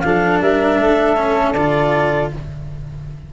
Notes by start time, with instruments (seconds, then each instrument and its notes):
0.00 tuba F3, cello D4, flute A4, clarinet F5
0.41 tuba G3, flute A#4, clarinet E5
0.79 tuba A3, flute A4
1.17 cello C#4
1.53 tuba D3, cello F4, clarinet D5